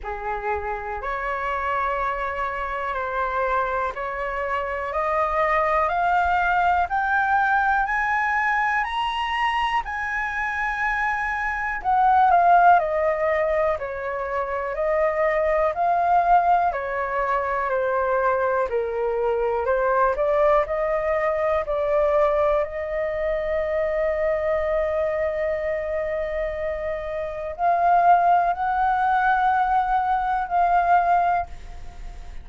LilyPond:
\new Staff \with { instrumentName = "flute" } { \time 4/4 \tempo 4 = 61 gis'4 cis''2 c''4 | cis''4 dis''4 f''4 g''4 | gis''4 ais''4 gis''2 | fis''8 f''8 dis''4 cis''4 dis''4 |
f''4 cis''4 c''4 ais'4 | c''8 d''8 dis''4 d''4 dis''4~ | dis''1 | f''4 fis''2 f''4 | }